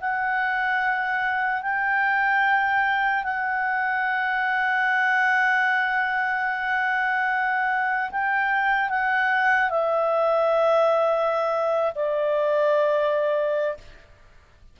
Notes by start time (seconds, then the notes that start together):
0.00 F#5
1.62 G5
3.24 F#5
8.11 G5
8.89 F#5
9.70 E5
11.95 D5